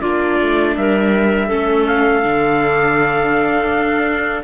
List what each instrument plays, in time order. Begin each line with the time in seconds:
0.00 cello A#3, viola D4, clarinet F4, trumpet D5
0.40 cello A3
0.77 cello G3, clarinet A#4, trumpet E5
1.47 cello A3, viola C#4, clarinet A4
1.87 trumpet F5
2.23 cello D3, viola D4
3.69 cello D4